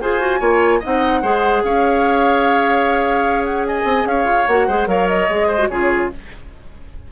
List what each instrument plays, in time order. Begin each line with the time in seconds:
0.00 bassoon F4, clarinet G#4, oboe C5, flute G#5
0.19 clarinet F#4
0.39 bassoon A#3, clarinet F4, oboe C#5
0.79 bassoon C4, clarinet D#4, oboe D#5, flute F#5
1.22 bassoon G#3, clarinet G#4, oboe C5
1.63 bassoon C#4, oboe C#5, flute F5
3.44 flute F#5
3.67 oboe D#5, flute G#5
3.83 bassoon C4
4.05 bassoon C#4, oboe C#5, flute F5
4.24 bassoon F4
4.47 bassoon A#3, clarinet F#4, flute F#5
4.67 bassoon G#3, clarinet G#4, oboe C5
4.86 bassoon F#3, clarinet A#4, oboe C#5, flute F5
5.07 flute D#5
5.28 bassoon G#3, clarinet G#4
5.47 oboe C5
5.58 clarinet F#4
5.68 bassoon C#3, clarinet F4, oboe G#4, flute C#5